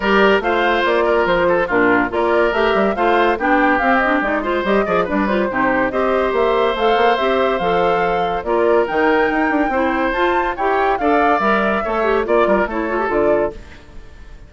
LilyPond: <<
  \new Staff \with { instrumentName = "flute" } { \time 4/4 \tempo 4 = 142 d''4 f''4 d''4 c''4 | ais'4 d''4 e''4 f''4 | g''4 f''8 dis''8 d''8 c''8 dis''4 | d''8 c''4. dis''4 e''4 |
f''4 e''4 f''2 | d''4 g''2. | a''4 g''4 f''4 e''4~ | e''4 d''4 cis''4 d''4 | }
  \new Staff \with { instrumentName = "oboe" } { \time 4/4 ais'4 c''4. ais'4 a'8 | f'4 ais'2 c''4 | g'2~ g'8 c''4 d''8 | b'4 g'4 c''2~ |
c''1 | ais'2. c''4~ | c''4 cis''4 d''2 | cis''4 d''8 ais'8 a'2 | }
  \new Staff \with { instrumentName = "clarinet" } { \time 4/4 g'4 f'2. | d'4 f'4 g'4 f'4 | d'4 c'8 d'8 dis'8 f'8 g'8 gis'8 | d'8 f'8 dis'4 g'2 |
a'4 g'4 a'2 | f'4 dis'2 e'4 | f'4 g'4 a'4 ais'4 | a'8 g'8 f'4 e'8 f'16 g'16 f'4 | }
  \new Staff \with { instrumentName = "bassoon" } { \time 4/4 g4 a4 ais4 f4 | ais,4 ais4 a8 g8 a4 | b4 c'4 gis4 g8 f8 | g4 c4 c'4 ais4 |
a8 ais8 c'4 f2 | ais4 dis4 dis'8 d'8 c'4 | f'4 e'4 d'4 g4 | a4 ais8 g8 a4 d4 | }
>>